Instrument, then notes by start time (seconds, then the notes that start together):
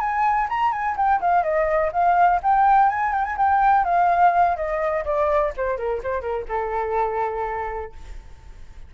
flute
0.00 G#5
0.49 A#5
0.72 G#5
0.97 G5
1.21 F5
1.43 D#5
1.92 F5
2.43 G5
2.89 G#5
3.12 G5
3.24 G#5
3.37 G5
3.84 F5
4.56 D#5
5.05 D5
5.57 C5
5.77 A#4
6.03 C5
6.21 A#4
6.48 A4